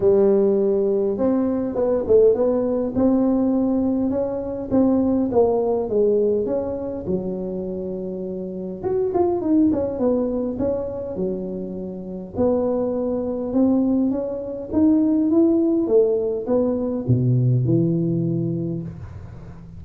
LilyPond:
\new Staff \with { instrumentName = "tuba" } { \time 4/4 \tempo 4 = 102 g2 c'4 b8 a8 | b4 c'2 cis'4 | c'4 ais4 gis4 cis'4 | fis2. fis'8 f'8 |
dis'8 cis'8 b4 cis'4 fis4~ | fis4 b2 c'4 | cis'4 dis'4 e'4 a4 | b4 b,4 e2 | }